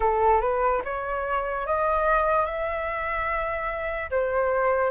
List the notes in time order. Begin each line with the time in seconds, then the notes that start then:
0.00 A4
0.41 B4
0.84 C#5
1.66 D#5
2.45 E5
4.10 C5